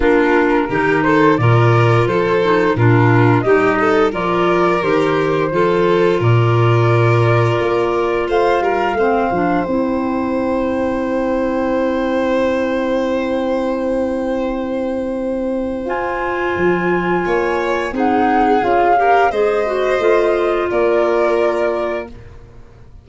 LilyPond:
<<
  \new Staff \with { instrumentName = "flute" } { \time 4/4 \tempo 4 = 87 ais'4. c''8 d''4 c''4 | ais'4 dis''4 d''4 c''4~ | c''4 d''2. | f''2 g''2~ |
g''1~ | g''2. gis''4~ | gis''2 fis''4 f''4 | dis''2 d''2 | }
  \new Staff \with { instrumentName = "violin" } { \time 4/4 f'4 g'8 a'8 ais'4 a'4 | f'4 g'8 a'8 ais'2 | a'4 ais'2. | c''8 ais'8 c''2.~ |
c''1~ | c''1~ | c''4 cis''4 gis'4. ais'8 | c''2 ais'2 | }
  \new Staff \with { instrumentName = "clarinet" } { \time 4/4 d'4 dis'4 f'4. dis'8 | d'4 dis'4 f'4 g'4 | f'1~ | f'4 c'8 d'8 e'2~ |
e'1~ | e'2. f'4~ | f'2 dis'4 f'8 g'8 | gis'8 fis'8 f'2. | }
  \new Staff \with { instrumentName = "tuba" } { \time 4/4 ais4 dis4 ais,4 f4 | ais,4 g4 f4 dis4 | f4 ais,2 ais4 | a8 g8 a8 f8 c'2~ |
c'1~ | c'2. f'4 | f4 ais4 c'4 cis'4 | gis4 a4 ais2 | }
>>